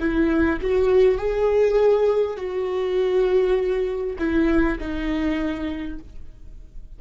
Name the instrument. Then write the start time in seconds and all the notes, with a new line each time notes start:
viola
0.00 E4
0.61 F#4
1.18 G#4
2.37 F#4
4.18 E4
4.79 D#4